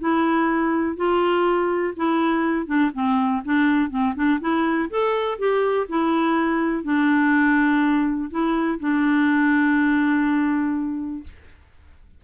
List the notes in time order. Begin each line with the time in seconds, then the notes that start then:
0.00 E4
0.96 F4
1.97 E4
2.67 D4
2.94 C4
3.45 D4
3.90 C4
4.16 D4
4.41 E4
4.90 A4
5.38 G4
5.89 E4
6.84 D4
8.31 E4
8.80 D4